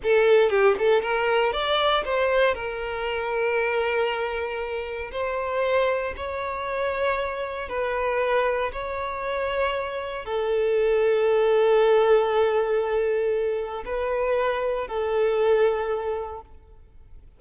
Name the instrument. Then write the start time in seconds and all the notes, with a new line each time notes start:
violin
0.03 A4
0.49 G4
0.78 A4
1.01 A#4
1.52 D5
2.04 C5
2.54 A#4
5.11 C5
6.16 C#5
7.69 B4
8.72 C#5
10.25 A4
13.85 B4
14.87 A4